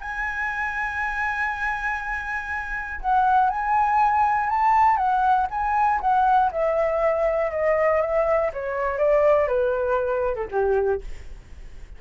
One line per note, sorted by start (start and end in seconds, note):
0.00 3.00 G#5
3.00 3.49 F#5
3.49 4.49 G#5
4.49 4.96 A5
4.96 5.46 F#5
5.50 6.00 G#5
6.00 6.50 F#5
6.51 7.51 E5
7.51 8.01 D#5
8.01 8.51 E5
8.53 8.97 C#5
8.97 9.47 D5
9.47 10.35 B4
10.35 10.47 A4
10.51 11.01 G4